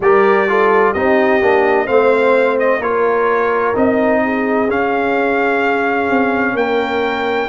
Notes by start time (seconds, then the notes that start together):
0.00 G3 G4 A#4 D5
0.48 F4 A4
0.92 C4 D#4 G4 D#5
1.41 A#3 D4
1.85 A3 C4 C5 F5
2.59 D#5
2.79 A#3 F4 A#4 C#5
3.74 C4 D#4 D#5
4.24 G#4
4.69 C#4 F5
6.09 C4
6.54 A#3 A#4 G5